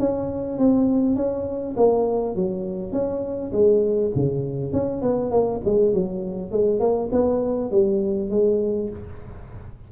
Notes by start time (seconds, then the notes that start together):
0.00 C#4
0.59 C4
1.16 C#4
1.77 A#3
2.36 F#3
2.93 C#4
3.53 G#3
4.16 C#3
4.73 C#4
5.02 B3
5.31 A#3
5.65 G#3
5.94 F#3
6.52 G#3
6.80 A#3
7.12 B3
7.72 G3
8.31 G#3